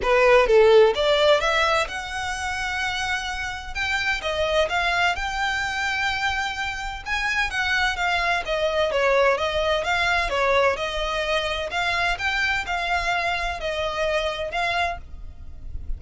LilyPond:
\new Staff \with { instrumentName = "violin" } { \time 4/4 \tempo 4 = 128 b'4 a'4 d''4 e''4 | fis''1 | g''4 dis''4 f''4 g''4~ | g''2. gis''4 |
fis''4 f''4 dis''4 cis''4 | dis''4 f''4 cis''4 dis''4~ | dis''4 f''4 g''4 f''4~ | f''4 dis''2 f''4 | }